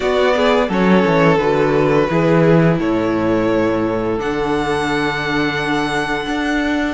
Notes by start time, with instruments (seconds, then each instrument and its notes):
0.00 viola B3, cello B3, violin F#4 D5
0.36 violin G#4
0.68 cello F#3, viola C#4, violin A4 C#5
1.05 cello E3
1.37 cello D3, viola F#4, violin B4
2.09 cello E3, viola E4, violin G#4
2.78 cello A2, violin A4 C#5
4.17 cello D3, viola D4, violin F#5
6.26 cello D4